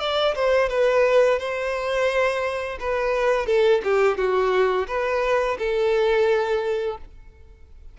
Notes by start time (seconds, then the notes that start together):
0.00 D5
0.35 C5
0.69 B4
1.39 C5
2.80 B4
3.46 A4
3.84 G4
4.17 F#4
4.87 B4
5.58 A4